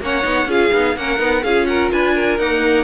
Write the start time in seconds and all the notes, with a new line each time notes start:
0.00 A#3 C#4 C#5 F#5
0.23 B3 D#4
0.46 C#4 F4 G#4 F5
0.72 B3 D#4
0.96 A#3 C#4 A#4 F#5
1.18 B3 D#4
1.43 C#4 F4 G#4 F5
1.66 A#4 F#5
1.92 D4 B4 G#5
2.15 A#4
2.38 A#3 D#4 F#5